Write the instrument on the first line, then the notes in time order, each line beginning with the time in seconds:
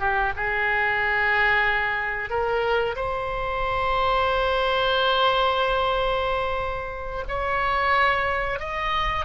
oboe
0.00 G4
0.37 G#4
2.30 A#4
2.96 C5
7.29 C#5
8.60 D#5